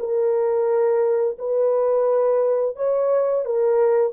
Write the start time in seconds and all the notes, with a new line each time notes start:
0.00 A#4
1.39 B4
2.77 C#5
3.46 A#4